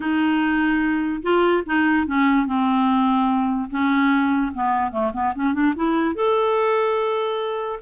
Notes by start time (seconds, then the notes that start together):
0.00 D#4
1.22 F4
1.66 D#4
2.06 C#4
2.46 C4
3.70 C#4
4.54 B3
4.91 A3
5.13 B3
5.35 C#4
5.53 D4
5.75 E4
6.15 A4